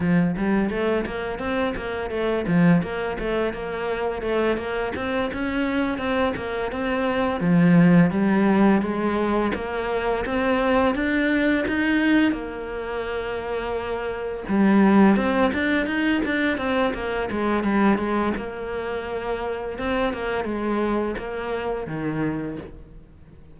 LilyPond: \new Staff \with { instrumentName = "cello" } { \time 4/4 \tempo 4 = 85 f8 g8 a8 ais8 c'8 ais8 a8 f8 | ais8 a8 ais4 a8 ais8 c'8 cis'8~ | cis'8 c'8 ais8 c'4 f4 g8~ | g8 gis4 ais4 c'4 d'8~ |
d'8 dis'4 ais2~ ais8~ | ais8 g4 c'8 d'8 dis'8 d'8 c'8 | ais8 gis8 g8 gis8 ais2 | c'8 ais8 gis4 ais4 dis4 | }